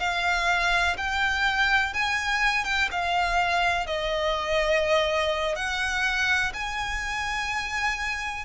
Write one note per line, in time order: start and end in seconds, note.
0.00 0.97 F5
0.98 1.94 G5
1.94 2.65 G#5
2.65 2.89 G5
2.92 3.87 F5
3.87 5.56 D#5
5.56 6.53 F#5
6.54 8.45 G#5